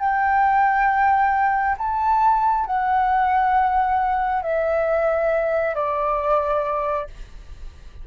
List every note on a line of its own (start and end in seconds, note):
0.00 1.76 G5
1.78 2.66 A5
2.66 4.43 F#5
4.43 5.75 E5
5.75 7.07 D5